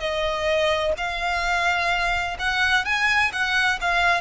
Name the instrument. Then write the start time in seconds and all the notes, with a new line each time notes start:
violin
0.00 D#5
0.98 F5
2.39 F#5
2.85 G#5
3.33 F#5
3.81 F5